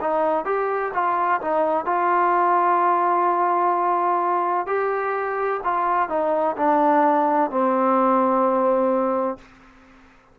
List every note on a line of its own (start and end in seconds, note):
0.00 0.45 D#4
0.45 0.92 G4
0.93 1.40 F4
1.41 1.85 D#4
1.85 4.66 F4
4.66 5.60 G4
5.64 6.09 F4
6.09 6.56 D#4
6.56 7.50 D4
7.50 9.38 C4